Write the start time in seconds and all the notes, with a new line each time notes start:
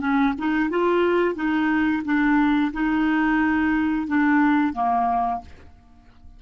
0.00 C#4
0.38 D#4
0.70 F4
1.35 D#4
2.05 D4
2.73 D#4
4.08 D4
4.73 A#3